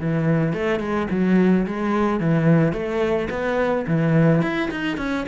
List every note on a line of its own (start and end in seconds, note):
0.00 0.54 E3
0.54 0.80 A3
0.80 1.08 G#3
1.11 1.66 F#3
1.67 2.20 G#3
2.20 2.73 E3
2.73 3.29 A3
3.31 3.86 B3
3.88 4.42 E3
4.42 4.70 E4
4.71 4.98 D#4
4.98 5.26 C#4